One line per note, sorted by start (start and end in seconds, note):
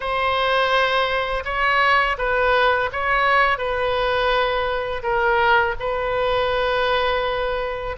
0.00 1.43 C5
1.44 2.17 C#5
2.18 2.90 B4
2.92 3.58 C#5
3.58 5.02 B4
5.02 5.75 A#4
5.79 7.96 B4